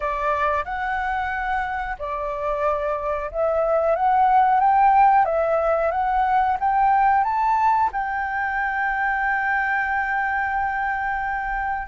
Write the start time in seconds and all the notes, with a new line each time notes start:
0.00 D5
0.64 F#5
1.98 D5
3.31 E5
3.95 F#5
4.60 G5
5.25 E5
5.91 F#5
6.60 G5
7.23 A5
7.92 G5